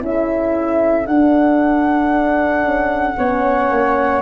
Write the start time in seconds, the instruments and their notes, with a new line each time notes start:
0.00 tuba C#4, horn E4, flute A4 E5
1.07 tuba D4, horn D4, flute F#5
2.65 tuba C#4
3.18 tuba B3, horn C#4, flute C#5
3.71 tuba A#3